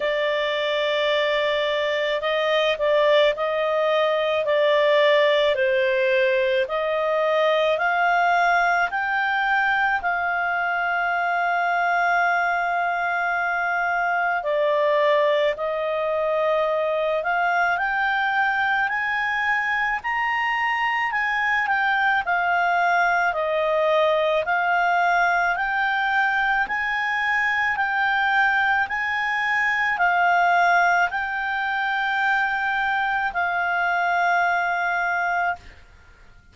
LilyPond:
\new Staff \with { instrumentName = "clarinet" } { \time 4/4 \tempo 4 = 54 d''2 dis''8 d''8 dis''4 | d''4 c''4 dis''4 f''4 | g''4 f''2.~ | f''4 d''4 dis''4. f''8 |
g''4 gis''4 ais''4 gis''8 g''8 | f''4 dis''4 f''4 g''4 | gis''4 g''4 gis''4 f''4 | g''2 f''2 | }